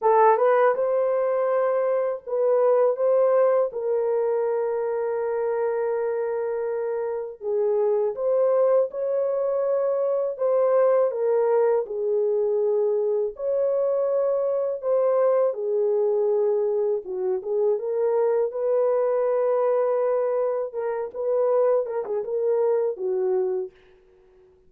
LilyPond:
\new Staff \with { instrumentName = "horn" } { \time 4/4 \tempo 4 = 81 a'8 b'8 c''2 b'4 | c''4 ais'2.~ | ais'2 gis'4 c''4 | cis''2 c''4 ais'4 |
gis'2 cis''2 | c''4 gis'2 fis'8 gis'8 | ais'4 b'2. | ais'8 b'4 ais'16 gis'16 ais'4 fis'4 | }